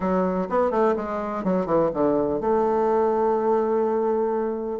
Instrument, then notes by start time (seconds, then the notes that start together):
bassoon
0.00 F#3
0.49 B3
0.70 A3
0.96 G#3
1.44 F#3
1.65 E3
1.93 D3
2.40 A3